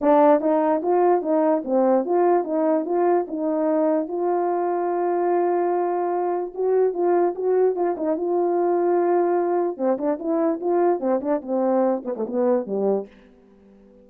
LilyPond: \new Staff \with { instrumentName = "horn" } { \time 4/4 \tempo 4 = 147 d'4 dis'4 f'4 dis'4 | c'4 f'4 dis'4 f'4 | dis'2 f'2~ | f'1 |
fis'4 f'4 fis'4 f'8 dis'8 | f'1 | c'8 d'8 e'4 f'4 c'8 d'8 | c'4. b16 a16 b4 g4 | }